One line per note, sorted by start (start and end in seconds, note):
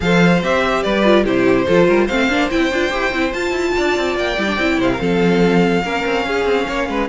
0.00 0.42 F3
0.00 0.40 A4
0.00 0.83 C5
0.00 0.42 F5
0.42 0.84 C4
0.42 1.04 G4
0.42 0.82 E5
0.82 1.25 G3
0.82 1.24 B4
0.82 1.24 D5
1.04 1.24 F4
1.24 1.66 C3
1.24 1.66 E4
1.24 1.65 G4
1.24 2.07 C5
1.66 1.89 F3
1.66 2.09 F4
1.66 1.87 A4
1.87 2.09 G3
1.87 2.05 A#4
2.05 2.28 A3
2.05 2.29 C4
2.05 3.72 C5
2.05 2.49 F5
2.28 2.49 A#3
2.28 2.50 D4
2.50 2.71 C4
2.50 2.71 E4
2.50 3.33 G5
2.71 2.92 D4
2.71 2.90 F4
2.90 3.12 E4
2.90 3.11 G4
3.12 3.33 C4
3.12 3.31 E4
3.31 4.35 F4
3.31 3.51 F4
3.31 4.16 A5
3.51 3.71 E4
3.76 3.97 D4
3.76 4.79 D5
3.97 4.16 C4
4.16 4.36 A#3
4.16 4.80 G5
4.37 4.57 G3
4.37 4.47 E4
4.47 4.57 D4
4.57 4.78 C4
4.57 4.97 E4
4.78 4.99 C3
4.78 4.90 C5
4.78 7.08 F5
4.90 5.00 A#4
4.97 5.83 F3
4.97 5.80 C4
4.97 5.84 A4
5.83 6.04 A#3
5.83 7.08 C#4
5.83 6.26 A#4
6.05 6.25 C4
6.25 6.45 C#4
6.25 6.67 G#4
6.45 6.66 C4
6.67 6.88 A#3
6.67 6.88 C#5
6.88 7.08 G#3
6.88 7.08 B4